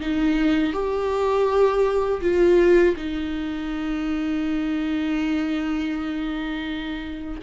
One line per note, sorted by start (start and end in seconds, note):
0.00 0.73 D#4
0.73 2.21 G4
2.21 2.95 F4
2.97 7.41 D#4